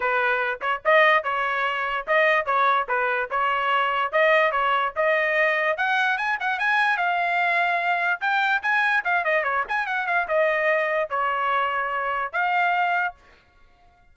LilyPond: \new Staff \with { instrumentName = "trumpet" } { \time 4/4 \tempo 4 = 146 b'4. cis''8 dis''4 cis''4~ | cis''4 dis''4 cis''4 b'4 | cis''2 dis''4 cis''4 | dis''2 fis''4 gis''8 fis''8 |
gis''4 f''2. | g''4 gis''4 f''8 dis''8 cis''8 gis''8 | fis''8 f''8 dis''2 cis''4~ | cis''2 f''2 | }